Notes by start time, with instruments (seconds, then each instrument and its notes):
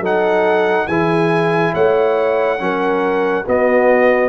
0.00 tuba F#3, trombone D#4, horn A4, trumpet F#5
0.88 tuba E3, trombone E4, horn G#4, trumpet G#5
1.74 tuba A3, horn C#5, trumpet F#5
2.59 tuba F#3, trombone C#4, horn A#4
3.45 trombone B3, tuba B3, horn F#4, trumpet D#5